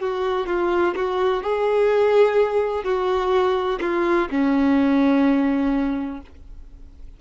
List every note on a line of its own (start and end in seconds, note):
0.00 0.47 F#4
0.47 0.94 F4
0.96 1.43 F#4
1.43 2.84 G#4
2.84 3.79 F#4
3.81 4.28 F4
4.31 6.21 C#4